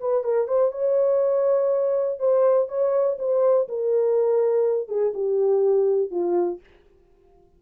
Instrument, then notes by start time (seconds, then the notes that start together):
horn
0.00 B4
0.23 A#4
0.47 C5
0.71 C#5
2.19 C5
2.68 C#5
3.19 C5
3.68 A#4
4.88 G#4
5.14 G4
6.11 F4